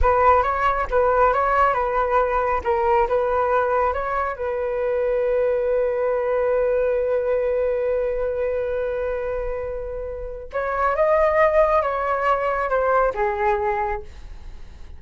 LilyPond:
\new Staff \with { instrumentName = "flute" } { \time 4/4 \tempo 4 = 137 b'4 cis''4 b'4 cis''4 | b'2 ais'4 b'4~ | b'4 cis''4 b'2~ | b'1~ |
b'1~ | b'1 | cis''4 dis''2 cis''4~ | cis''4 c''4 gis'2 | }